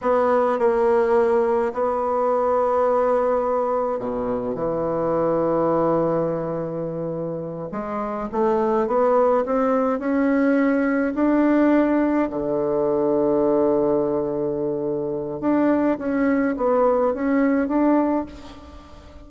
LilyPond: \new Staff \with { instrumentName = "bassoon" } { \time 4/4 \tempo 4 = 105 b4 ais2 b4~ | b2. b,4 | e1~ | e4. gis4 a4 b8~ |
b8 c'4 cis'2 d'8~ | d'4. d2~ d8~ | d2. d'4 | cis'4 b4 cis'4 d'4 | }